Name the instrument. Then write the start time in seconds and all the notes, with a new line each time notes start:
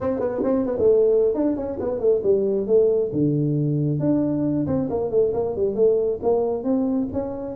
tuba
0.00 C4
0.19 B3
0.43 C4
0.66 B3
0.78 A3
1.34 D4
1.56 C#4
1.80 B3
1.99 A3
2.23 G3
2.66 A3
3.12 D3
3.99 D4
4.66 C4
4.89 A#3
5.10 A3
5.33 A#3
5.56 G3
5.75 A3
6.22 A#3
6.63 C4
7.13 C#4